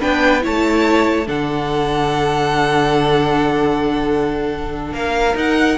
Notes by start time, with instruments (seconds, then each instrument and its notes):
0.00 cello B3, viola D4, violin B4 G5
0.41 cello A3, viola E4, violin C#5 A5
1.27 cello D3, viola D4, violin A4 F#5
4.93 cello A#3, violin A#4 F5
5.35 viola D#4, cello D#4, violin F#5